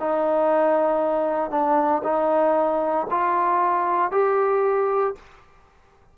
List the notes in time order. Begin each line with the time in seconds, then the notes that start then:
0.00 D#4
1.51 D4
2.04 D#4
3.11 F4
4.12 G4